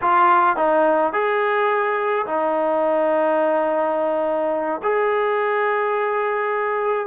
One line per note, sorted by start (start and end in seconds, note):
0.01 0.56 F4
0.56 1.12 D#4
1.12 2.26 G#4
2.26 4.81 D#4
4.83 7.06 G#4